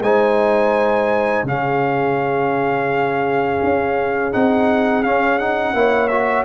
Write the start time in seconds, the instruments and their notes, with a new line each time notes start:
0.00 tuba G#3, trombone D#4, horn C5, trumpet G#5
1.43 tuba C#3, trombone C#4, horn G#4, trumpet F5
3.62 tuba C#4
4.32 tuba C4, trombone D#4, trumpet F#5
5.03 tuba C#4, trombone C#4, trumpet F5
5.38 trombone D#4, trumpet F#5
5.73 tuba A#3, trombone E4, horn C#5
6.07 trombone F#4, trumpet E5